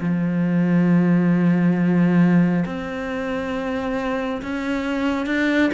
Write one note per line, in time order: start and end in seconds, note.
0.00 2.65 F3
2.65 4.42 C4
4.42 5.26 C#4
5.26 5.70 D4